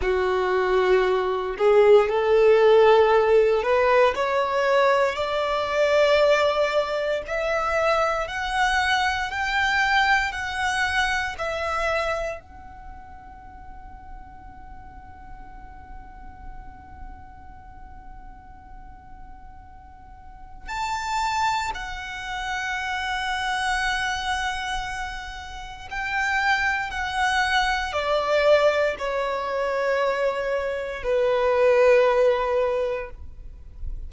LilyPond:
\new Staff \with { instrumentName = "violin" } { \time 4/4 \tempo 4 = 58 fis'4. gis'8 a'4. b'8 | cis''4 d''2 e''4 | fis''4 g''4 fis''4 e''4 | fis''1~ |
fis''1 | a''4 fis''2.~ | fis''4 g''4 fis''4 d''4 | cis''2 b'2 | }